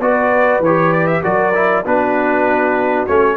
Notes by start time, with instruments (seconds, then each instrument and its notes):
0.00 tuba B3, trombone F#4, horn B4, trumpet D5
0.59 tuba E3, trumpet C#5
0.65 trombone G4
0.92 trumpet D5
1.07 trumpet E5
1.22 tuba F#3, trombone F#4, horn A#4, trumpet D5
1.54 trombone E4
1.83 tuba B3, trombone D4, horn F#4, trumpet B4
3.06 tuba A3, trombone C#4, trumpet C#5